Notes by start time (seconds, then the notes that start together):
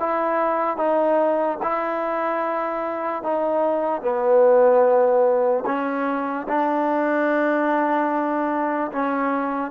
0.00 E4
0.78 D#4
1.63 E4
3.23 D#4
4.02 B3
5.66 C#4
6.49 D4
8.93 C#4